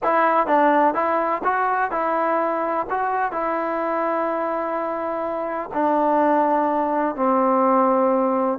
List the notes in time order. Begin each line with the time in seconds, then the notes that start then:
0.03 E4
0.46 D4
0.94 E4
1.44 F#4
1.91 E4
2.90 F#4
3.32 E4
5.73 D4
7.15 C4